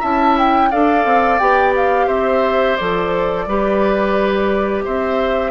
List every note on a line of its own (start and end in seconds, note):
0.00 0.72 C#4
0.00 0.71 E4
0.00 0.69 E5
0.00 0.37 A5
0.38 0.71 G5
0.70 1.05 D4
0.70 1.41 A4
0.70 2.07 D5
0.70 1.39 F5
1.05 1.39 C4
1.39 2.07 B3
1.39 2.78 G4
1.39 1.73 G5
1.76 2.08 F5
2.07 2.76 C4
2.07 3.45 C5
2.07 2.76 E5
2.76 3.47 F3
2.76 3.48 A4
2.76 4.83 D5
3.47 4.85 G3
3.47 5.51 G4
3.47 4.84 B4
4.84 5.51 C4
4.84 5.51 C5
4.84 5.51 E5